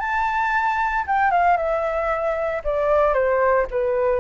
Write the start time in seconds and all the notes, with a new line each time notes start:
0.00 A5
1.08 G5
1.31 F5
1.57 E5
2.65 D5
3.14 C5
3.71 B4